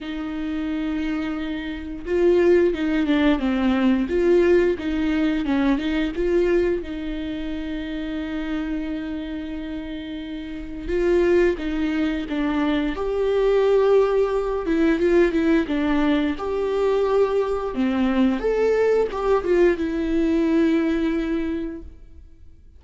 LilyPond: \new Staff \with { instrumentName = "viola" } { \time 4/4 \tempo 4 = 88 dis'2. f'4 | dis'8 d'8 c'4 f'4 dis'4 | cis'8 dis'8 f'4 dis'2~ | dis'1 |
f'4 dis'4 d'4 g'4~ | g'4. e'8 f'8 e'8 d'4 | g'2 c'4 a'4 | g'8 f'8 e'2. | }